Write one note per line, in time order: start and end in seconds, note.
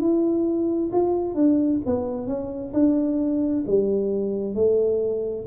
0.00 0.91 E4
0.92 1.35 F4
1.35 1.80 D4
1.86 2.27 B3
2.27 2.73 C#4
2.73 3.64 D4
3.67 4.55 G3
4.55 5.45 A3